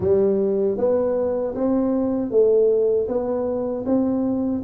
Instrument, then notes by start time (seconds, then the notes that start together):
tuba
0.00 G3
0.77 B3
1.55 C4
2.30 A3
3.08 B3
3.85 C4